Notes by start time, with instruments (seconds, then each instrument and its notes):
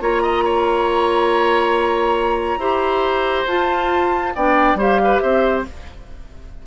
0.00 bassoon A#3, clarinet F4, oboe C#5, flute A#5
0.22 oboe D#5
0.44 oboe C#5
2.57 bassoon E4, clarinet G4, oboe C5
3.47 bassoon F4, clarinet F4, flute A5
4.34 bassoon B3, clarinet D4, oboe D5, flute G5
4.74 bassoon G3, clarinet G4, oboe C5
4.81 flute F5
5.03 oboe B4
5.18 bassoon C4, oboe C5, flute E5